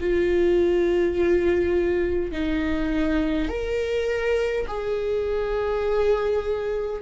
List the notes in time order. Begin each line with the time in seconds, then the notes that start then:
0.00 F4
2.32 D#4
3.49 A#4
4.67 G#4